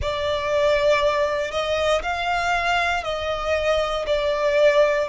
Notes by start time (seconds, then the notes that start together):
0.01 D5
1.51 D#5
2.02 F5
3.03 D#5
4.06 D5